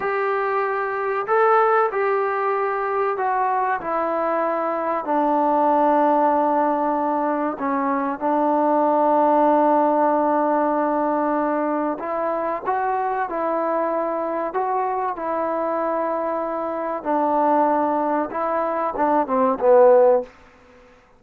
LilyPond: \new Staff \with { instrumentName = "trombone" } { \time 4/4 \tempo 4 = 95 g'2 a'4 g'4~ | g'4 fis'4 e'2 | d'1 | cis'4 d'2.~ |
d'2. e'4 | fis'4 e'2 fis'4 | e'2. d'4~ | d'4 e'4 d'8 c'8 b4 | }